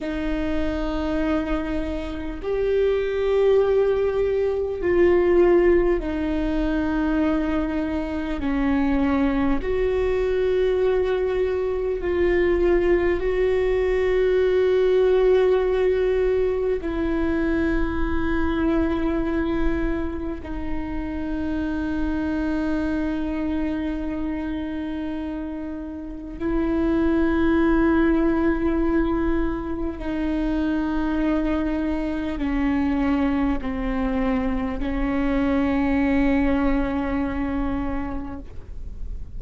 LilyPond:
\new Staff \with { instrumentName = "viola" } { \time 4/4 \tempo 4 = 50 dis'2 g'2 | f'4 dis'2 cis'4 | fis'2 f'4 fis'4~ | fis'2 e'2~ |
e'4 dis'2.~ | dis'2 e'2~ | e'4 dis'2 cis'4 | c'4 cis'2. | }